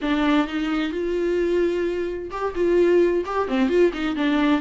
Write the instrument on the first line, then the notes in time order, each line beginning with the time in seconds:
viola
0.01 D4
0.47 D#4
0.91 F4
2.31 G4
2.55 F4
3.25 G4
3.48 C4
3.69 F4
3.93 D#4
4.15 D4